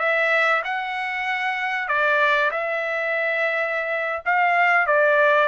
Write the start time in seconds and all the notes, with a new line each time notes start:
0.00 E5
0.65 F#5
1.89 D5
2.51 E5
4.26 F5
4.87 D5